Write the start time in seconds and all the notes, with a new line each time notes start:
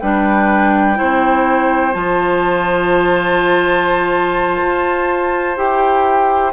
0.00 G3 D4 B4 G5
0.96 C4 E4 C5
1.93 F3 F4 A5
4.61 F4
5.57 E4 G4 G5